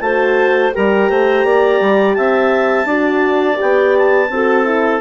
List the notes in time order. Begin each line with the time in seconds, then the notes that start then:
0.00 A3 F#4 C5 A5
0.73 G3 G4 A#4 A#5
1.10 A3 C5
1.44 A#3 D5
1.81 G3
2.14 C4 E5 A5
2.85 D4 F#4 D5
3.56 B3 G4 G5
3.97 A5
4.29 C4 F#4 A4
4.65 E4